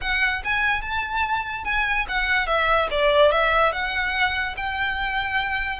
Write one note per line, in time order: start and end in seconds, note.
0.01 0.42 F#5
0.44 0.81 G#5
0.81 1.64 A5
1.64 2.06 G#5
2.08 2.46 F#5
2.46 2.88 E5
2.90 3.31 D5
3.31 3.72 E5
3.72 4.55 F#5
4.56 5.79 G5